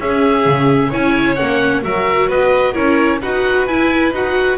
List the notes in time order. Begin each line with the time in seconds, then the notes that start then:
0.00 C#4 G#4 E5
0.46 C#3
0.89 C#4 E4 C#5 G#5
1.36 A#3 C#4 F#5
1.82 F#3 F#4 A#4 E5
2.28 B3 B4 D#5
2.72 C#4 E4 A#4 C#5
3.21 D#4 F#4 B4 F#5
3.67 E4 G#5
4.12 D#4 F#4 F#5